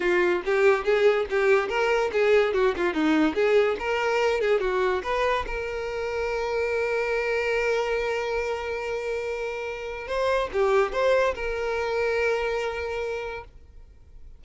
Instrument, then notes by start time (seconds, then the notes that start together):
violin
0.00 F4
0.45 G4
0.84 G#4
1.29 G4
1.68 A#4
2.12 G#4
2.53 F#4
2.76 F4
2.93 D#4
3.34 G#4
3.79 A#4
4.40 G#4
4.60 F#4
5.03 B4
5.47 A#4
10.07 C5
10.52 G4
10.92 C5
11.34 A#4